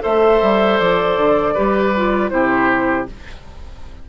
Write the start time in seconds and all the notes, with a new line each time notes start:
0.00 A3 A4 C5 E5
0.42 G3
0.78 F3 D5
1.17 D3
1.54 G3 G4 B4
1.96 F4
2.29 C3 E4 G4 C5